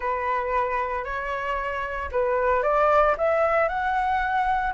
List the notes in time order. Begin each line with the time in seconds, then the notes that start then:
0.00 B4
1.04 C#5
2.11 B4
2.62 D5
3.17 E5
3.68 F#5